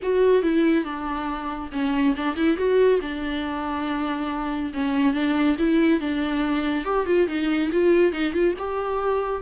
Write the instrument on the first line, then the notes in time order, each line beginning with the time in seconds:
viola
0.02 F#4
0.42 E4
0.84 D4
1.72 C#4
2.16 D4
2.36 E4
2.57 F#4
3.01 D4
4.73 C#4
5.13 D4
5.58 E4
6.00 D4
6.84 G4
7.06 F4
7.27 D#4
7.71 F4
8.12 D#4
8.33 F4
8.58 G4